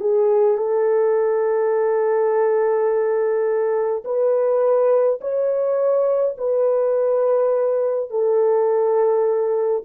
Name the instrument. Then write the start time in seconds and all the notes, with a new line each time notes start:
horn
0.00 G#4
0.57 A4
4.04 B4
5.21 C#5
6.38 B4
8.10 A4